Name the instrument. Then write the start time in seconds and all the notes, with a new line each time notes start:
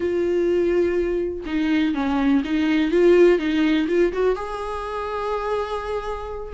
viola
0.00 F4
1.46 D#4
1.94 C#4
2.44 D#4
2.91 F4
3.38 D#4
3.88 F4
4.12 F#4
4.35 G#4